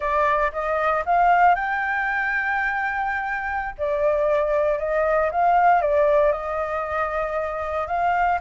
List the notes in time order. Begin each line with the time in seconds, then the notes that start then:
0.00 D5
0.52 D#5
1.05 F5
1.55 G5
3.78 D5
4.78 D#5
5.31 F5
5.81 D5
6.32 D#5
7.87 F5